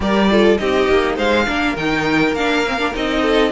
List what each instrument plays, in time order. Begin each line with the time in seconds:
0.00 cello G3, viola G4, violin A#4 D5
0.31 viola F4, violin A4
0.57 cello C4, viola D#4, violin G4 D#5
0.88 cello A#3
1.15 cello G#3, violin C5 F5
1.46 cello A#3, viola D4, violin A#4
1.76 cello D#3, viola D#4, violin G5
2.32 cello A#3, viola D4, violin F5
2.66 viola C4
2.78 viola D4
2.93 cello C4, viola D#4, violin D#5
3.21 violin A4